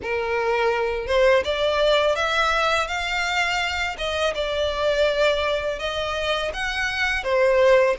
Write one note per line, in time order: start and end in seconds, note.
0.02 1.06 A#4
1.06 1.43 C5
1.44 2.15 D5
2.15 2.87 E5
2.87 3.96 F5
3.98 4.34 D#5
4.34 5.79 D5
5.79 6.51 D#5
6.53 7.23 F#5
7.23 7.96 C5